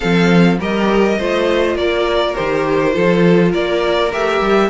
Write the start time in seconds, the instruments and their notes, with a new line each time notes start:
0.00 cello F3, viola C4, violin A4 F5
0.59 cello G3, viola G4, violin A#4 D#5
1.18 cello A3, viola F4, violin C5
1.75 cello A#3, violin A#4 D5
2.35 cello D#3, viola G4, violin C5
2.91 cello F3, viola F4, violin A4
3.51 cello A#3, violin A#4 D5
4.12 cello A3, viola G4, violin E5
4.41 cello G3